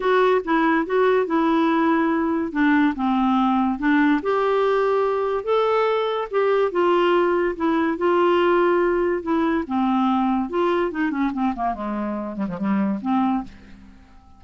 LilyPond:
\new Staff \with { instrumentName = "clarinet" } { \time 4/4 \tempo 4 = 143 fis'4 e'4 fis'4 e'4~ | e'2 d'4 c'4~ | c'4 d'4 g'2~ | g'4 a'2 g'4 |
f'2 e'4 f'4~ | f'2 e'4 c'4~ | c'4 f'4 dis'8 cis'8 c'8 ais8 | gis4. g16 f16 g4 c'4 | }